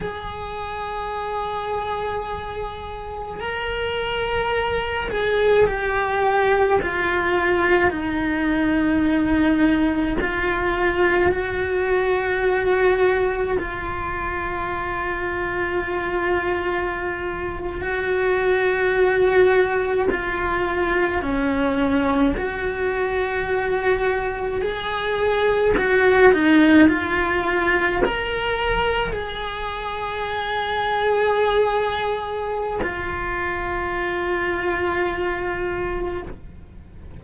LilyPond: \new Staff \with { instrumentName = "cello" } { \time 4/4 \tempo 4 = 53 gis'2. ais'4~ | ais'8 gis'8 g'4 f'4 dis'4~ | dis'4 f'4 fis'2 | f'2.~ f'8. fis'16~ |
fis'4.~ fis'16 f'4 cis'4 fis'16~ | fis'4.~ fis'16 gis'4 fis'8 dis'8 f'16~ | f'8. ais'4 gis'2~ gis'16~ | gis'4 f'2. | }